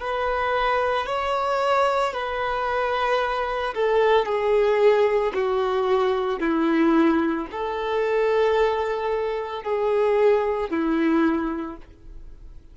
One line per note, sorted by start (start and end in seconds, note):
0.00 1.06 B4
1.06 2.13 C#5
2.13 3.74 B4
3.74 4.25 A4
4.25 5.32 G#4
5.34 6.39 F#4
6.39 7.46 E4
7.51 9.63 A4
9.63 10.69 G#4
10.69 11.77 E4